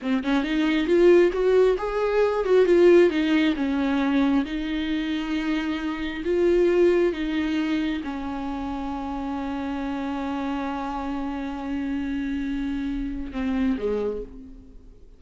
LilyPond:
\new Staff \with { instrumentName = "viola" } { \time 4/4 \tempo 4 = 135 c'8 cis'8 dis'4 f'4 fis'4 | gis'4. fis'8 f'4 dis'4 | cis'2 dis'2~ | dis'2 f'2 |
dis'2 cis'2~ | cis'1~ | cis'1~ | cis'2 c'4 gis4 | }